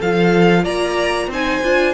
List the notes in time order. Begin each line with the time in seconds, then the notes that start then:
0.00 F3 A4 F5
0.06 F4
0.64 A#3 D5 A#5
1.28 C4 D#4 C5 G#5
1.64 D4 F4